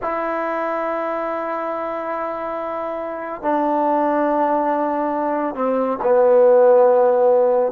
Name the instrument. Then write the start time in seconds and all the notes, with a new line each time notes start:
trombone
0.02 E4
3.42 D4
5.55 C4
6.02 B3